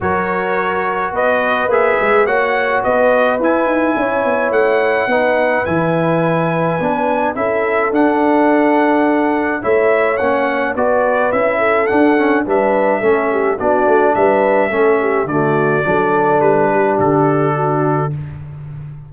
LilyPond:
<<
  \new Staff \with { instrumentName = "trumpet" } { \time 4/4 \tempo 4 = 106 cis''2 dis''4 e''4 | fis''4 dis''4 gis''2 | fis''2 gis''2~ | gis''4 e''4 fis''2~ |
fis''4 e''4 fis''4 d''4 | e''4 fis''4 e''2 | d''4 e''2 d''4~ | d''4 b'4 a'2 | }
  \new Staff \with { instrumentName = "horn" } { \time 4/4 ais'2 b'2 | cis''4 b'2 cis''4~ | cis''4 b'2.~ | b'4 a'2.~ |
a'4 cis''2 b'4~ | b'8 a'4. b'4 a'8 g'8 | fis'4 b'4 a'8 g'8 fis'4 | a'4. g'4. fis'4 | }
  \new Staff \with { instrumentName = "trombone" } { \time 4/4 fis'2. gis'4 | fis'2 e'2~ | e'4 dis'4 e'2 | d'4 e'4 d'2~ |
d'4 e'4 cis'4 fis'4 | e'4 d'8 cis'8 d'4 cis'4 | d'2 cis'4 a4 | d'1 | }
  \new Staff \with { instrumentName = "tuba" } { \time 4/4 fis2 b4 ais8 gis8 | ais4 b4 e'8 dis'8 cis'8 b8 | a4 b4 e2 | b4 cis'4 d'2~ |
d'4 a4 ais4 b4 | cis'4 d'4 g4 a4 | b8 a8 g4 a4 d4 | fis4 g4 d2 | }
>>